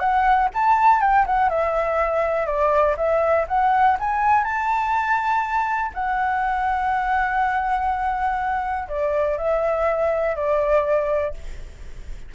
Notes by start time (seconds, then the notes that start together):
0.00 F#5
0.54 A5
1.01 G5
1.27 F#5
1.50 E5
2.47 D5
2.97 E5
3.48 F#5
4.00 G#5
4.44 A5
5.94 F#5
8.89 D5
9.38 E5
10.36 D5